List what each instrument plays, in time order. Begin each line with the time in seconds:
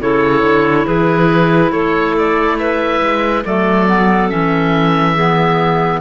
0.00 cello C#3, clarinet E4 A4, oboe C#5
0.43 cello D3
0.86 cello E3, clarinet G#4, oboe B4
1.72 cello A3, clarinet A4, oboe C#5
2.18 oboe D5
2.58 clarinet B4, oboe E5
3.01 cello G#3
3.45 cello F#3, clarinet A3 A4, oboe D5
3.87 clarinet B3
4.29 cello E3, clarinet C#4, oboe E5
5.14 clarinet B3 G#4